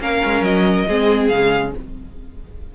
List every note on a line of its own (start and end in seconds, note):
0.00 0.22 A#3
0.00 0.86 C#4
0.00 0.88 A#4
0.00 0.44 F5
0.25 0.41 G#3
0.41 0.85 F#3
0.41 1.28 D#5
0.88 1.31 G#3
0.88 1.32 C4
0.88 1.74 G#4
1.28 1.74 C#3
1.28 1.75 G#3
1.28 1.71 F5